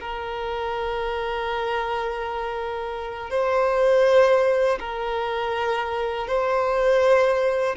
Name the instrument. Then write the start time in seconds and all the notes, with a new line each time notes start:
violin
0.00 A#4
3.30 C5
4.79 A#4
6.27 C5